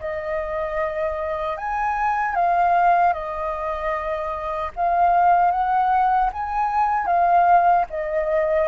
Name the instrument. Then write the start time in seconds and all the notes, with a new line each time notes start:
flute
0.00 D#5
1.58 G#5
2.35 F5
3.13 D#5
4.76 F5
5.51 F#5
6.33 G#5
7.07 F5
7.90 D#5